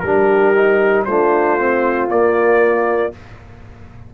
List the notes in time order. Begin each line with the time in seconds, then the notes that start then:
0.00 G3 G4 A#4
0.06 D4
0.55 D#4
1.05 A3 D4 F4 C5
1.59 C4
2.09 A#3 D5